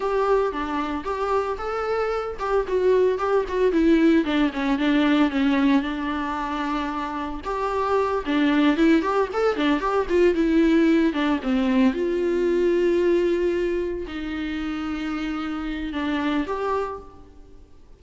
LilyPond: \new Staff \with { instrumentName = "viola" } { \time 4/4 \tempo 4 = 113 g'4 d'4 g'4 a'4~ | a'8 g'8 fis'4 g'8 fis'8 e'4 | d'8 cis'8 d'4 cis'4 d'4~ | d'2 g'4. d'8~ |
d'8 e'8 g'8 a'8 d'8 g'8 f'8 e'8~ | e'4 d'8 c'4 f'4.~ | f'2~ f'8 dis'4.~ | dis'2 d'4 g'4 | }